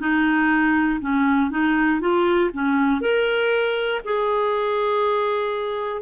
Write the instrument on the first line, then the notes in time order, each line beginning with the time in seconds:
clarinet
0.00 D#4
1.01 C#4
1.51 D#4
2.01 F4
2.54 C#4
3.02 A#4
4.05 G#4